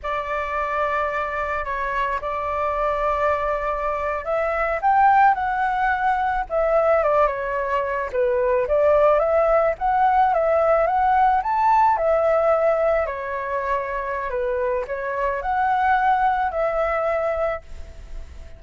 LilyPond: \new Staff \with { instrumentName = "flute" } { \time 4/4 \tempo 4 = 109 d''2. cis''4 | d''2.~ d''8. e''16~ | e''8. g''4 fis''2 e''16~ | e''8. d''8 cis''4. b'4 d''16~ |
d''8. e''4 fis''4 e''4 fis''16~ | fis''8. a''4 e''2 cis''16~ | cis''2 b'4 cis''4 | fis''2 e''2 | }